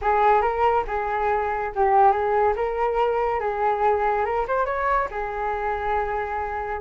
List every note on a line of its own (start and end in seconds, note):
0.01 0.41 G#4
0.41 0.84 A#4
0.87 1.72 G#4
1.75 2.11 G4
2.11 2.54 G#4
2.56 3.40 A#4
3.40 4.25 G#4
4.25 4.46 A#4
4.47 4.65 C5
4.65 5.08 C#5
5.11 6.80 G#4